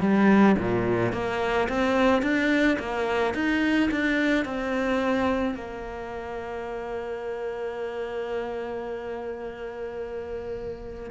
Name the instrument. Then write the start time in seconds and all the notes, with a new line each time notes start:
cello
0.00 G3
0.58 A#2
1.13 A#3
1.68 C4
2.22 D4
2.79 A#3
3.34 D#4
3.91 D4
4.45 C4
5.55 A#3